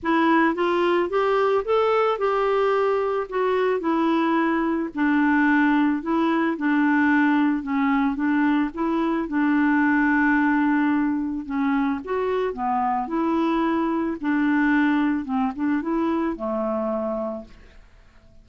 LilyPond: \new Staff \with { instrumentName = "clarinet" } { \time 4/4 \tempo 4 = 110 e'4 f'4 g'4 a'4 | g'2 fis'4 e'4~ | e'4 d'2 e'4 | d'2 cis'4 d'4 |
e'4 d'2.~ | d'4 cis'4 fis'4 b4 | e'2 d'2 | c'8 d'8 e'4 a2 | }